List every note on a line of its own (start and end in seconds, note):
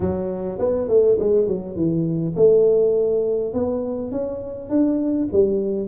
0.00 0.58 F#3
0.59 0.88 B3
0.88 1.17 A3
1.19 1.47 G#3
1.47 1.76 F#3
1.76 2.34 E3
2.35 3.53 A3
3.53 4.11 B3
4.11 4.69 C#4
4.69 5.28 D4
5.32 5.87 G3